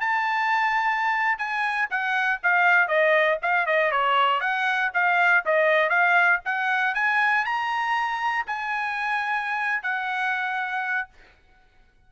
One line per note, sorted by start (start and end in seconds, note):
0.00 1.38 A5
1.38 1.88 G#5
1.90 2.40 F#5
2.43 2.87 F5
2.87 3.38 D#5
3.42 3.66 F5
3.66 3.91 D#5
3.91 4.40 C#5
4.40 4.91 F#5
4.93 5.44 F5
5.45 5.89 D#5
5.89 6.40 F5
6.45 6.95 F#5
6.95 7.45 G#5
7.45 8.45 A#5
8.46 9.83 G#5
9.83 11.09 F#5